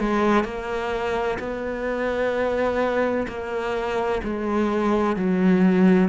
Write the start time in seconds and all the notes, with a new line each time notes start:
0.00 G#3
0.45 A#3
1.39 B3
3.28 A#3
4.24 G#3
5.16 F#3